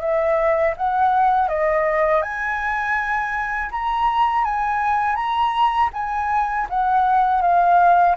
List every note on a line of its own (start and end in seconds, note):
0.00 0.74 E5
0.76 1.48 F#5
1.48 2.22 D#5
2.22 3.70 G#5
3.71 4.44 A#5
4.44 5.15 G#5
5.15 5.90 A#5
5.93 6.67 G#5
6.69 7.41 F#5
7.41 8.15 F5